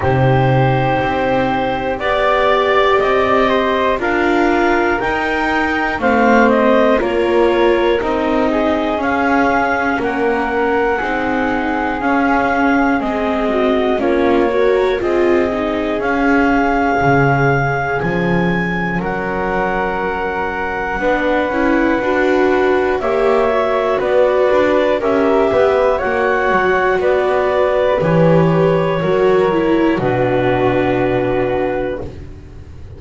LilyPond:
<<
  \new Staff \with { instrumentName = "clarinet" } { \time 4/4 \tempo 4 = 60 c''2 d''4 dis''4 | f''4 g''4 f''8 dis''8 cis''4 | dis''4 f''4 fis''2 | f''4 dis''4 cis''4 dis''4 |
f''2 gis''4 fis''4~ | fis''2. e''4 | d''4 e''4 fis''4 d''4 | cis''2 b'2 | }
  \new Staff \with { instrumentName = "flute" } { \time 4/4 g'2 d''4. c''8 | ais'2 c''4 ais'4~ | ais'8 gis'4. ais'4 gis'4~ | gis'4. fis'8 f'8 ais'8 gis'4~ |
gis'2. ais'4~ | ais'4 b'2 cis''4 | b'4 ais'8 b'8 cis''4 b'4~ | b'4 ais'4 fis'2 | }
  \new Staff \with { instrumentName = "viola" } { \time 4/4 dis'2 g'2 | f'4 dis'4 c'4 f'4 | dis'4 cis'2 dis'4 | cis'4 c'4 cis'8 fis'8 f'8 dis'8 |
cis'1~ | cis'4 d'8 e'8 fis'4 g'8 fis'8~ | fis'4 g'4 fis'2 | g'4 fis'8 e'8 d'2 | }
  \new Staff \with { instrumentName = "double bass" } { \time 4/4 c4 c'4 b4 c'4 | d'4 dis'4 a4 ais4 | c'4 cis'4 ais4 c'4 | cis'4 gis4 ais4 c'4 |
cis'4 cis4 f4 fis4~ | fis4 b8 cis'8 d'4 ais4 | b8 d'8 cis'8 b8 ais8 fis8 b4 | e4 fis4 b,2 | }
>>